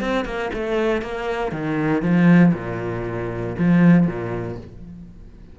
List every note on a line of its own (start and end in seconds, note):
0.00 0.25 C4
0.25 0.50 A#3
0.53 1.02 A3
1.02 1.51 A#3
1.51 2.02 D#3
2.02 2.53 F3
2.54 3.55 A#2
3.58 4.07 F3
4.07 4.58 A#2